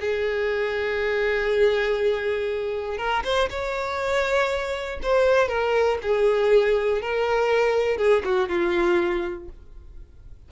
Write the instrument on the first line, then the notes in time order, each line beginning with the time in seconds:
violin
0.00 G#4
2.98 A#4
3.24 C5
3.50 C#5
5.02 C5
5.48 A#4
6.02 G#4
7.01 A#4
7.97 G#4
8.24 F#4
8.48 F4